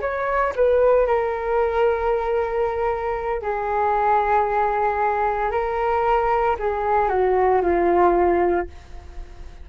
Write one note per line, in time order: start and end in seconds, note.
0.00 0.53 C#5
0.55 1.06 B4
1.06 3.42 A#4
3.42 5.51 G#4
5.51 6.56 A#4
6.59 7.09 G#4
7.09 7.61 F#4
7.62 8.67 F4